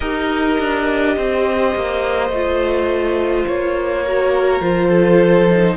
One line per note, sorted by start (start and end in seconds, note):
0.00 0.58 D#4
0.00 2.31 G4
0.00 1.15 A#4
0.00 3.45 D#5
0.59 1.17 D4
1.16 1.75 C4
1.16 4.03 C5
1.75 2.29 A#3
2.29 3.44 A3
2.29 4.05 F4
3.47 4.60 A#3
3.47 4.61 C#5
4.03 4.62 F#4
4.03 4.87 A#4
4.60 5.75 F3
4.60 5.48 F4
4.60 5.76 C5
4.87 5.74 A4
5.50 5.76 D#4